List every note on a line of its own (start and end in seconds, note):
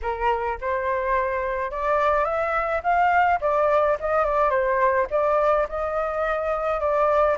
0.02 0.58 A#4
0.60 1.71 C5
1.71 2.25 D5
2.25 2.81 E5
2.83 3.39 F5
3.41 3.97 D5
4.00 4.25 D#5
4.25 4.50 D5
4.50 5.06 C5
5.10 5.67 D5
5.68 6.80 D#5
6.80 7.37 D5